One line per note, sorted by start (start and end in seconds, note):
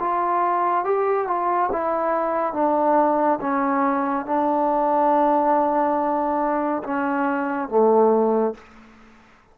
0.00 0.85 F4
0.85 1.27 G4
1.27 1.70 F4
1.72 2.54 E4
2.54 3.39 D4
3.41 4.26 C#4
4.26 6.83 D4
6.84 7.69 C#4
7.69 8.55 A3